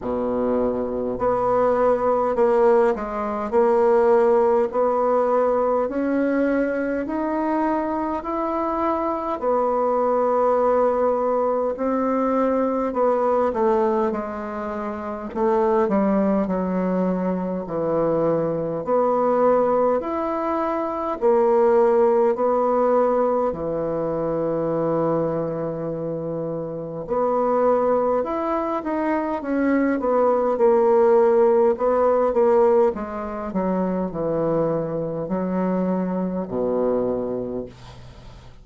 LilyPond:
\new Staff \with { instrumentName = "bassoon" } { \time 4/4 \tempo 4 = 51 b,4 b4 ais8 gis8 ais4 | b4 cis'4 dis'4 e'4 | b2 c'4 b8 a8 | gis4 a8 g8 fis4 e4 |
b4 e'4 ais4 b4 | e2. b4 | e'8 dis'8 cis'8 b8 ais4 b8 ais8 | gis8 fis8 e4 fis4 b,4 | }